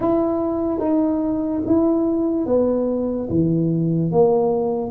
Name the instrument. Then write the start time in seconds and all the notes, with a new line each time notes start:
tuba
0.00 E4
0.79 D#4
1.66 E4
2.46 B3
3.30 E3
4.11 A#3